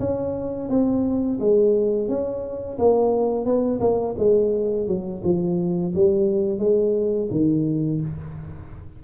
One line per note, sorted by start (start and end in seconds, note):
0.00 0.69 C#4
0.69 1.39 C4
1.40 2.09 G#3
2.09 2.78 C#4
2.79 3.46 A#3
3.46 3.81 B3
3.81 4.16 A#3
4.18 4.87 G#3
4.87 5.22 F#3
5.24 5.94 F3
5.95 6.59 G3
6.59 7.29 G#3
7.31 8.01 D#3